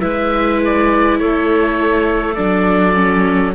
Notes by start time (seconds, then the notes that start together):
0.00 G#3 E4 B4 E5
0.65 D5
1.19 A3 A4 C#5
2.35 F#3 D4 D5
2.95 C#4